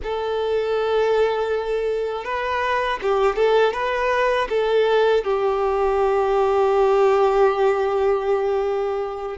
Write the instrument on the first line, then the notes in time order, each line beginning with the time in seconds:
violin
0.03 A4
2.24 B4
3.02 G4
3.35 A4
3.73 B4
4.49 A4
5.24 G4